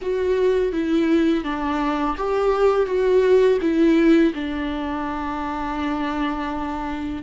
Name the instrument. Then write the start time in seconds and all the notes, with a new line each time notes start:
viola
0.01 F#4
0.72 E4
1.44 D4
2.17 G4
2.86 F#4
3.61 E4
4.34 D4